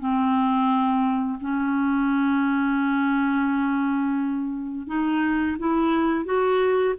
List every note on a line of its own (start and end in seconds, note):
0.00 1.40 C4
1.41 4.87 C#4
4.87 5.57 D#4
5.59 6.25 E4
6.25 6.95 F#4